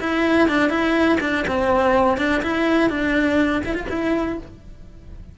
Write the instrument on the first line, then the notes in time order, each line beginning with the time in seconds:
cello
0.00 E4
0.48 D4
0.70 E4
1.20 D4
1.47 C4
2.18 D4
2.42 E4
2.89 D4
3.65 E4
3.74 F4
3.89 E4